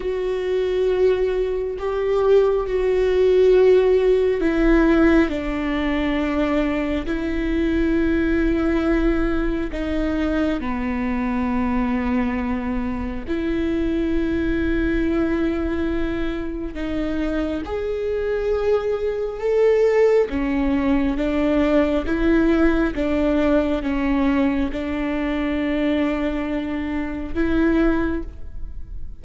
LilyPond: \new Staff \with { instrumentName = "viola" } { \time 4/4 \tempo 4 = 68 fis'2 g'4 fis'4~ | fis'4 e'4 d'2 | e'2. dis'4 | b2. e'4~ |
e'2. dis'4 | gis'2 a'4 cis'4 | d'4 e'4 d'4 cis'4 | d'2. e'4 | }